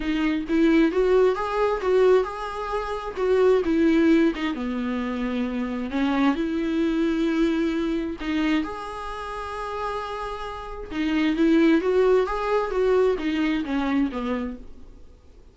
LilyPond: \new Staff \with { instrumentName = "viola" } { \time 4/4 \tempo 4 = 132 dis'4 e'4 fis'4 gis'4 | fis'4 gis'2 fis'4 | e'4. dis'8 b2~ | b4 cis'4 e'2~ |
e'2 dis'4 gis'4~ | gis'1 | dis'4 e'4 fis'4 gis'4 | fis'4 dis'4 cis'4 b4 | }